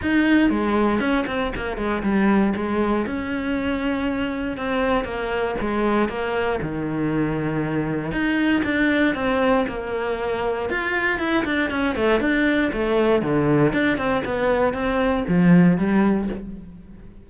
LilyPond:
\new Staff \with { instrumentName = "cello" } { \time 4/4 \tempo 4 = 118 dis'4 gis4 cis'8 c'8 ais8 gis8 | g4 gis4 cis'2~ | cis'4 c'4 ais4 gis4 | ais4 dis2. |
dis'4 d'4 c'4 ais4~ | ais4 f'4 e'8 d'8 cis'8 a8 | d'4 a4 d4 d'8 c'8 | b4 c'4 f4 g4 | }